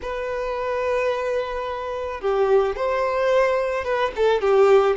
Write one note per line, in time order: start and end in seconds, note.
0.02 2.20 B4
2.20 2.75 G4
2.75 3.84 C5
3.84 4.11 B4
4.16 4.41 A4
4.41 4.96 G4